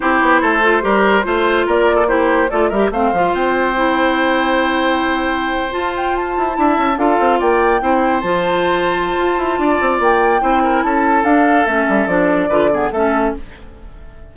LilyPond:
<<
  \new Staff \with { instrumentName = "flute" } { \time 4/4 \tempo 4 = 144 c''1 | d''4 c''4 d''8 e''8 f''4 | g''1~ | g''4.~ g''16 a''8 g''8 a''4~ a''16~ |
a''8. f''4 g''2 a''16~ | a''1 | g''2 a''4 f''4 | e''4 d''2 e''4 | }
  \new Staff \with { instrumentName = "oboe" } { \time 4/4 g'4 a'4 ais'4 c''4 | ais'8. a'16 g'4 a'8 ais'8 c''4~ | c''1~ | c''2.~ c''8. e''16~ |
e''8. a'4 d''4 c''4~ c''16~ | c''2. d''4~ | d''4 c''8 ais'8 a'2~ | a'2 b'8 gis'8 a'4 | }
  \new Staff \with { instrumentName = "clarinet" } { \time 4/4 e'4. f'8 g'4 f'4~ | f'4 e'4 f'8 g'8 c'8 f'8~ | f'4 e'2.~ | e'4.~ e'16 f'2 e'16~ |
e'8. f'2 e'4 f'16~ | f'1~ | f'4 e'2 d'4 | cis'4 d'4 f'8 b8 cis'4 | }
  \new Staff \with { instrumentName = "bassoon" } { \time 4/4 c'8 b8 a4 g4 a4 | ais2 a8 g8 a8 f8 | c'1~ | c'4.~ c'16 f'4. e'8 d'16~ |
d'16 cis'8 d'8 c'8 ais4 c'4 f16~ | f2 f'8 e'8 d'8 c'8 | ais4 c'4 cis'4 d'4 | a8 g8 f4 d4 a4 | }
>>